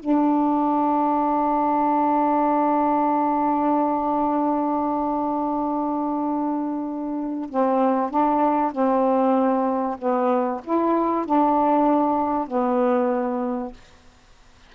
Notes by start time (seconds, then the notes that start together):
0.00 D4
7.50 C4
8.11 D4
8.72 C4
9.99 B3
10.64 E4
11.26 D4
12.48 B3